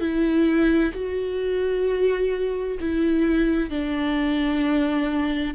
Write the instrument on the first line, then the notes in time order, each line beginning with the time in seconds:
viola
0.00 E4
0.94 F#4
2.80 E4
3.70 D4